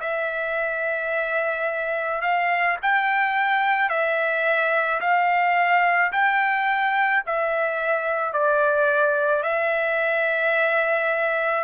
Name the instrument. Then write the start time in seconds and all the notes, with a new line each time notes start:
trumpet
0.00 E5
2.21 F5
2.82 G5
3.89 E5
5.01 F5
6.12 G5
7.26 E5
8.33 D5
9.43 E5